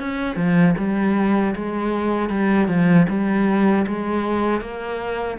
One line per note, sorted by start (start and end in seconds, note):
0.00 0.37 C#4
0.37 0.75 F3
0.78 1.55 G3
1.56 2.30 G#3
2.30 2.68 G3
2.69 3.07 F3
3.09 3.86 G3
3.88 4.62 G#3
4.62 5.38 A#3